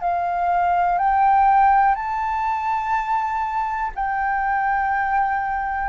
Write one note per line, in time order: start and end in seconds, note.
0.00 0.97 F5
0.97 1.94 G5
1.94 3.91 A5
3.95 5.89 G5